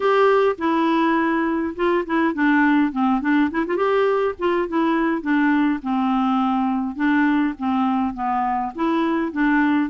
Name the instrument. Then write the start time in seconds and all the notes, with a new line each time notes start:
clarinet
0.00 G4
0.58 E4
1.75 F4
2.05 E4
2.34 D4
2.92 C4
3.21 D4
3.51 E4
3.66 F4
3.76 G4
4.38 F4
4.68 E4
5.21 D4
5.82 C4
6.95 D4
7.58 C4
8.14 B3
8.75 E4
9.32 D4